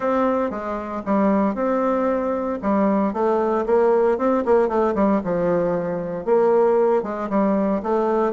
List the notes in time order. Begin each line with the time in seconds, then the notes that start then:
0.00 C4
0.50 G#3
1.05 G3
1.55 C4
2.62 G3
3.13 A3
3.65 A#3
4.17 C4
4.45 A#3
4.68 A3
4.94 G3
5.24 F3
6.25 A#3
7.02 G#3
7.29 G3
7.82 A3